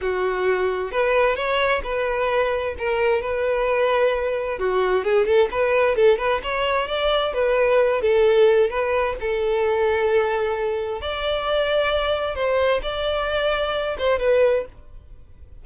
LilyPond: \new Staff \with { instrumentName = "violin" } { \time 4/4 \tempo 4 = 131 fis'2 b'4 cis''4 | b'2 ais'4 b'4~ | b'2 fis'4 gis'8 a'8 | b'4 a'8 b'8 cis''4 d''4 |
b'4. a'4. b'4 | a'1 | d''2. c''4 | d''2~ d''8 c''8 b'4 | }